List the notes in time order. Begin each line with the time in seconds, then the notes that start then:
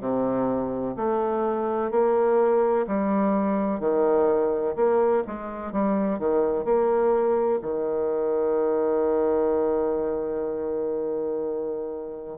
0.00 C3
0.96 A3
1.91 A#3
2.87 G3
3.80 D#3
4.75 A#3
5.26 G#3
5.72 G3
6.19 D#3
6.64 A#3
7.61 D#3